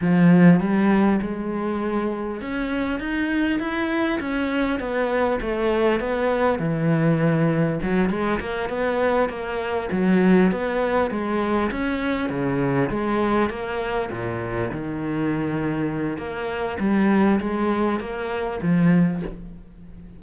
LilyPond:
\new Staff \with { instrumentName = "cello" } { \time 4/4 \tempo 4 = 100 f4 g4 gis2 | cis'4 dis'4 e'4 cis'4 | b4 a4 b4 e4~ | e4 fis8 gis8 ais8 b4 ais8~ |
ais8 fis4 b4 gis4 cis'8~ | cis'8 cis4 gis4 ais4 ais,8~ | ais,8 dis2~ dis8 ais4 | g4 gis4 ais4 f4 | }